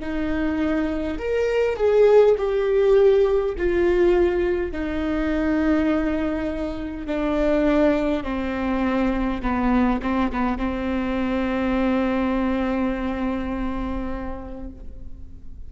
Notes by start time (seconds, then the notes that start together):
0.00 D#4
1.18 A#4
1.76 G#4
2.37 G4
3.57 F4
4.72 D#4
7.06 D4
8.23 C4
9.42 B3
10.02 C4
10.31 B3
10.57 C4